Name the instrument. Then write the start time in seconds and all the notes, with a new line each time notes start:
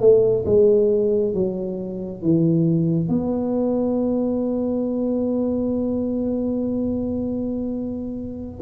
tuba
0.00 A3
0.45 G#3
1.34 F#3
2.22 E3
3.08 B3